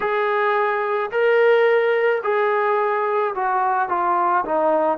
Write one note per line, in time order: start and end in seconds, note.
0.00 1.10 G#4
1.11 2.22 A#4
2.23 3.34 G#4
3.34 3.88 F#4
3.88 4.44 F4
4.45 4.97 D#4